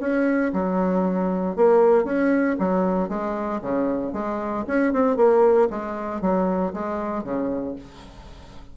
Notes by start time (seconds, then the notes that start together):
0.00 C#4
0.53 F#3
1.56 A#3
2.04 C#4
2.59 F#3
3.09 G#3
3.61 C#3
4.13 G#3
4.67 C#4
4.93 C4
5.16 A#3
5.70 G#3
6.21 F#3
6.73 G#3
7.23 C#3